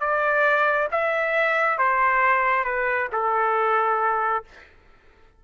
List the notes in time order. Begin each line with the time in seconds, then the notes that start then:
0.00 D5
0.91 E5
1.78 C5
2.64 B4
3.12 A4